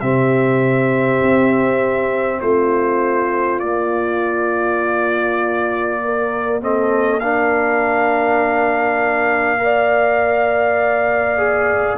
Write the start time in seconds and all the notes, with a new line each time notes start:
0.00 C3 C4 G4 E5
1.22 C4
2.40 A3 F4 C5
3.59 A#3 D5
6.04 A#4
6.60 C4 A4 D#5
7.20 D4 A#4 F5
9.58 A#4 D5
11.37 G#4